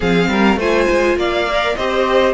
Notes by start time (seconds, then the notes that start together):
0.00 F3 C4 G#4 F5
0.27 G3 A#4
0.56 A3 F4 C5 G#5
0.89 G#3
1.15 A#3 D5 F5
1.48 A#4
1.75 C4 G4 C5 D#5